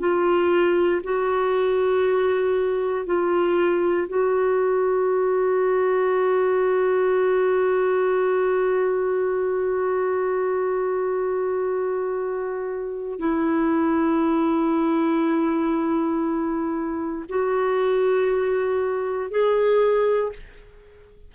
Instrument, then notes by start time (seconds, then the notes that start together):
clarinet
0.00 F4
1.04 F#4
3.06 F4
4.09 F#4
13.19 E4
17.29 F#4
19.31 G#4